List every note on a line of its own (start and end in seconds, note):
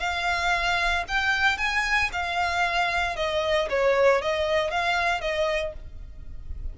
0.00 1.04 F5
1.08 1.58 G5
1.58 2.10 G#5
2.13 3.17 F5
3.17 3.69 D#5
3.70 4.22 C#5
4.22 4.71 D#5
4.71 5.21 F5
5.21 5.73 D#5